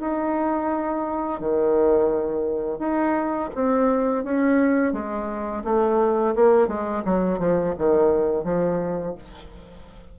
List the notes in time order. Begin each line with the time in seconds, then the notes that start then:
0.00 D#4
1.40 D#3
2.79 D#4
3.55 C4
4.24 C#4
4.93 G#3
5.64 A3
6.35 A#3
6.68 G#3
7.05 F#3
7.39 F3
7.78 D#3
8.44 F3